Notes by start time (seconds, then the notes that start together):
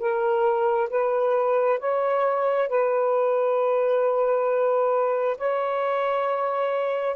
0.00 A#4
0.90 B4
1.80 C#5
2.69 B4
5.38 C#5